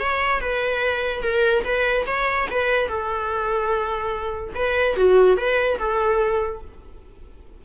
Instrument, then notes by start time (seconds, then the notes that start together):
viola
0.00 C#5
0.41 B4
1.23 A#4
1.65 B4
2.07 C#5
2.51 B4
2.88 A4
4.55 B4
4.96 F#4
5.37 B4
5.79 A4